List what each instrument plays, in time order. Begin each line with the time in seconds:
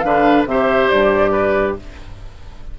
0.00 bassoon D3, clarinet D4, oboe B4, flute F5
0.45 bassoon C3, clarinet G4, oboe C5, flute E5
0.89 bassoon G2, flute D5
1.32 oboe B4